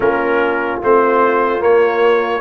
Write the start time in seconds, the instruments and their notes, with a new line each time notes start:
0.00 tuba A#3, trombone C#4, horn F4, trumpet A#4
0.81 tuba A3, trombone C4, trumpet C5
1.59 trombone A#3, tuba A#3, trumpet C#5